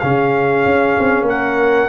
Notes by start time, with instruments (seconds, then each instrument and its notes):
0.00 tuba C#3, trombone C#4, horn G#4, trumpet F5
0.66 tuba C#4
1.00 tuba C4
1.22 tuba A#3
1.29 horn A#4, trumpet F#5